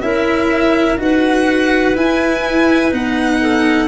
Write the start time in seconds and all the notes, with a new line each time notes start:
0.00 C#4 E4 A#4 E5
0.97 D#4 F#4 B4 F#5
1.95 E4 G#5
2.91 B3 D#4 F#5
3.42 A4